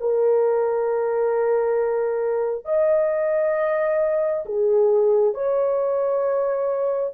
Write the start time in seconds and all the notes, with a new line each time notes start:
0.00 A#4
2.65 D#5
4.45 G#4
5.34 C#5